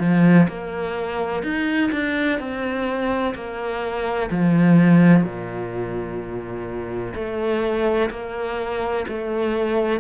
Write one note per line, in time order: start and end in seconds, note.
0.00 0.48 F3
0.48 1.44 A#3
1.44 1.91 D#4
1.92 2.40 D4
2.40 3.35 C4
3.35 4.30 A#3
4.31 5.24 F3
5.24 7.14 A#2
7.15 8.10 A3
8.11 9.06 A#3
9.09 10.00 A3